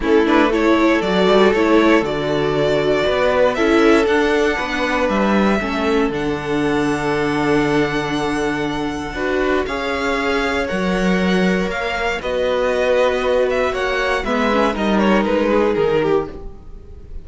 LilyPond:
<<
  \new Staff \with { instrumentName = "violin" } { \time 4/4 \tempo 4 = 118 a'8 b'8 cis''4 d''4 cis''4 | d''2. e''4 | fis''2 e''2 | fis''1~ |
fis''2. f''4~ | f''4 fis''2 f''4 | dis''2~ dis''8 e''8 fis''4 | e''4 dis''8 cis''8 b'4 ais'4 | }
  \new Staff \with { instrumentName = "violin" } { \time 4/4 e'4 a'2.~ | a'2 b'4 a'4~ | a'4 b'2 a'4~ | a'1~ |
a'2 b'4 cis''4~ | cis''1 | b'2. cis''4 | b'4 ais'4. gis'4 g'8 | }
  \new Staff \with { instrumentName = "viola" } { \time 4/4 cis'8 d'8 e'4 fis'4 e'4 | fis'2. e'4 | d'2. cis'4 | d'1~ |
d'2 fis'4 gis'4~ | gis'4 ais'2. | fis'1 | b8 cis'8 dis'2. | }
  \new Staff \with { instrumentName = "cello" } { \time 4/4 a2 fis8 g8 a4 | d2 b4 cis'4 | d'4 b4 g4 a4 | d1~ |
d2 d'4 cis'4~ | cis'4 fis2 ais4 | b2. ais4 | gis4 g4 gis4 dis4 | }
>>